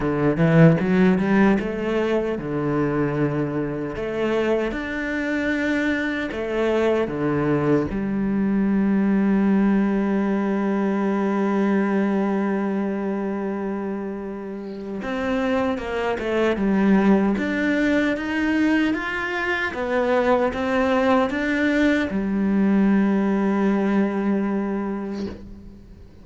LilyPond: \new Staff \with { instrumentName = "cello" } { \time 4/4 \tempo 4 = 76 d8 e8 fis8 g8 a4 d4~ | d4 a4 d'2 | a4 d4 g2~ | g1~ |
g2. c'4 | ais8 a8 g4 d'4 dis'4 | f'4 b4 c'4 d'4 | g1 | }